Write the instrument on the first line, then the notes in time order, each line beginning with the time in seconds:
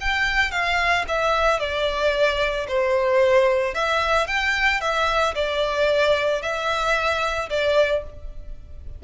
violin
0.00 G5
0.51 F5
1.08 E5
1.59 D5
2.68 C5
3.74 E5
4.27 G5
4.81 E5
5.34 D5
6.42 E5
7.49 D5